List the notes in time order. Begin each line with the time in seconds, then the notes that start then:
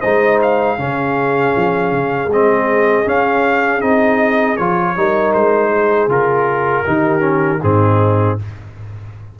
0.00 G#3 D#4 C5 D#5
0.42 F5
0.78 C#3 C#4 G#4
1.56 F3
1.92 C#3
2.28 G#3 C4 D#5
3.05 C#4 F5
3.81 C4 D#4 D#5
4.57 F3 F4 C#5
4.96 G3 D#4 A#4
5.33 G#3 C5
5.70 G#4
6.07 C#3 F4 A#4
6.85 D#3 D#4 G4
7.20 C#4
7.63 G#2 C4 D#4 G#4